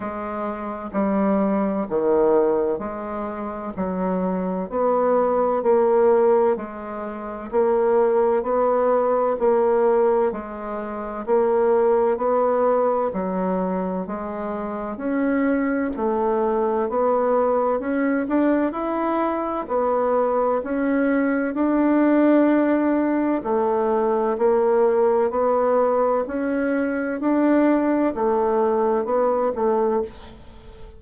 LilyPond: \new Staff \with { instrumentName = "bassoon" } { \time 4/4 \tempo 4 = 64 gis4 g4 dis4 gis4 | fis4 b4 ais4 gis4 | ais4 b4 ais4 gis4 | ais4 b4 fis4 gis4 |
cis'4 a4 b4 cis'8 d'8 | e'4 b4 cis'4 d'4~ | d'4 a4 ais4 b4 | cis'4 d'4 a4 b8 a8 | }